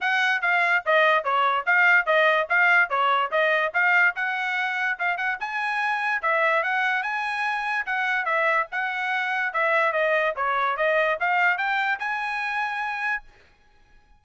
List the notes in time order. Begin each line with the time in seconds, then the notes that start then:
0.00 F#5
0.41 F5
0.85 D#5
1.23 C#5
1.66 F5
2.06 D#5
2.49 F5
2.89 C#5
3.31 D#5
3.73 F5
4.15 F#5
4.98 F5
5.17 F#5
5.40 G#5
6.22 E5
6.63 F#5
7.03 G#5
7.85 F#5
8.25 E5
8.71 F#5
9.53 E5
9.92 D#5
10.35 C#5
10.76 D#5
11.20 F5
11.57 G5
11.99 G#5